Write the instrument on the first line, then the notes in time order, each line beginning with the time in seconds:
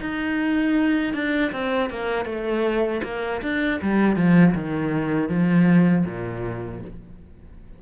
cello
0.00 D#4
1.14 D4
1.52 C4
1.90 A#3
2.25 A3
3.03 A#3
3.42 D4
3.82 G3
4.16 F3
4.55 D#3
5.29 F3
6.06 A#2